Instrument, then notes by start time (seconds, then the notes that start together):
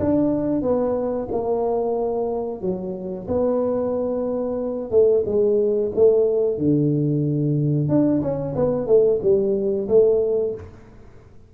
tuba
0.00 D4
0.62 B3
1.32 A#3
2.61 F#3
3.28 B3
4.91 A3
5.26 G#3
5.96 A3
6.58 D3
7.89 D4
8.22 C#4
8.56 B3
8.87 A3
9.22 G3
9.89 A3